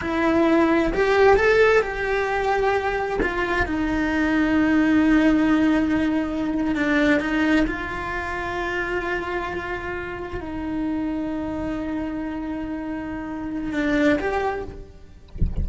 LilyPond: \new Staff \with { instrumentName = "cello" } { \time 4/4 \tempo 4 = 131 e'2 g'4 a'4 | g'2. f'4 | dis'1~ | dis'2~ dis'8. d'4 dis'16~ |
dis'8. f'2.~ f'16~ | f'2~ f'8. dis'4~ dis'16~ | dis'1~ | dis'2 d'4 g'4 | }